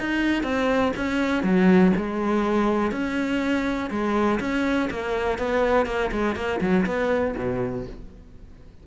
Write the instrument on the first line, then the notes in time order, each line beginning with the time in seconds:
cello
0.00 D#4
0.44 C4
0.97 C#4
1.44 F#3
1.97 G#3
2.92 C#4
3.91 G#3
4.40 C#4
4.91 A#3
5.39 B3
5.87 A#3
6.12 G#3
6.36 A#3
6.61 F#3
6.87 B3
7.38 B2